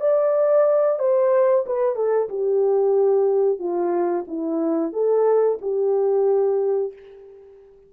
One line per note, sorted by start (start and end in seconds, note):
0.00 0.99 D5
0.99 1.65 C5
1.66 1.95 B4
1.95 2.28 A4
2.29 3.59 G4
3.59 4.25 F4
4.27 4.92 E4
4.92 5.58 A4
5.61 6.93 G4